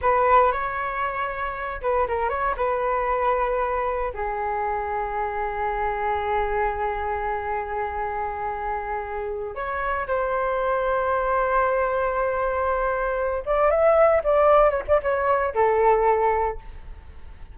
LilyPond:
\new Staff \with { instrumentName = "flute" } { \time 4/4 \tempo 4 = 116 b'4 cis''2~ cis''8 b'8 | ais'8 cis''8 b'2. | gis'1~ | gis'1~ |
gis'2~ gis'8 cis''4 c''8~ | c''1~ | c''2 d''8 e''4 d''8~ | d''8 cis''16 d''16 cis''4 a'2 | }